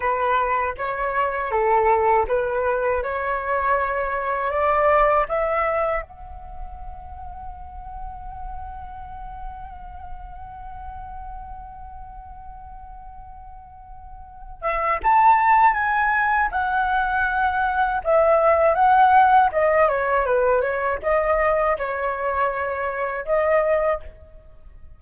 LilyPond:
\new Staff \with { instrumentName = "flute" } { \time 4/4 \tempo 4 = 80 b'4 cis''4 a'4 b'4 | cis''2 d''4 e''4 | fis''1~ | fis''1~ |
fis''2.~ fis''8 e''8 | a''4 gis''4 fis''2 | e''4 fis''4 dis''8 cis''8 b'8 cis''8 | dis''4 cis''2 dis''4 | }